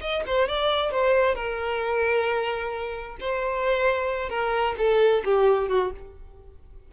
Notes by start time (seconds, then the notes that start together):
0.00 D#5
0.26 C5
0.48 D5
0.91 C5
1.35 A#4
3.20 C5
4.29 A#4
4.77 A4
5.24 G4
5.68 F#4